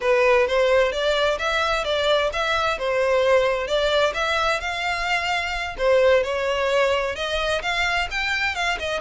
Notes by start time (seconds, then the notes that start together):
0.00 B4
0.47 C5
0.91 D5
1.38 E5
1.84 D5
2.32 E5
2.78 C5
3.67 D5
4.14 E5
4.60 F5
5.78 C5
6.23 C#5
7.15 D#5
7.62 F5
8.10 G5
8.55 F5
8.79 D#5